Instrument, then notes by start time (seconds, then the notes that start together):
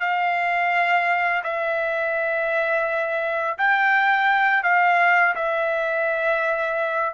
trumpet
0.00 F5
1.43 E5
3.58 G5
4.63 F5
5.35 E5